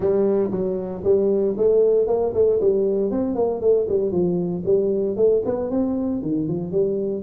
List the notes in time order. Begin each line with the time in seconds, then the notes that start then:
0.00 G3
0.51 F#3
1.04 G3
1.57 A3
2.07 A#3
2.34 A3
2.60 G3
3.10 C4
3.35 A#3
3.60 A3
3.89 G3
4.11 F3
4.65 G3
5.16 A3
5.45 B3
5.70 C4
6.22 D#3
6.47 F3
6.71 G3